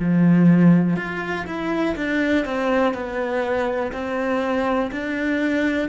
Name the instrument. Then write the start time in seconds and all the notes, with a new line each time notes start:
cello
0.00 F3
0.97 F4
1.47 E4
1.96 D4
2.45 C4
2.94 B3
3.93 C4
4.92 D4